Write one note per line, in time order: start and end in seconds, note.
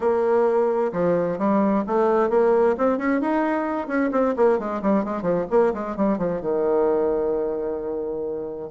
0.00 0.92 A#3
0.92 1.38 F3
1.38 1.84 G3
1.86 2.29 A3
2.29 2.75 A#3
2.77 2.98 C4
2.98 3.20 C#4
3.20 3.87 D#4
3.87 4.10 C#4
4.11 4.34 C4
4.36 4.58 A#3
4.58 4.81 G#3
4.82 5.04 G3
5.04 5.22 G#3
5.22 5.45 F3
5.50 5.73 A#3
5.73 5.96 G#3
5.96 6.18 G3
6.18 6.41 F3
6.41 8.70 D#3